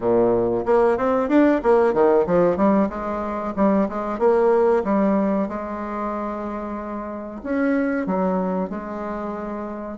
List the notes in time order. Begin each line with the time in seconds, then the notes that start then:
0.00 A#2
0.65 A#3
0.97 C4
1.28 D4
1.62 A#3
1.93 D#3
2.26 F3
2.56 G3
2.89 G#3
3.55 G3
3.89 G#3
4.18 A#3
4.84 G3
5.48 G#3
7.43 C#4
8.06 F#3
8.69 G#3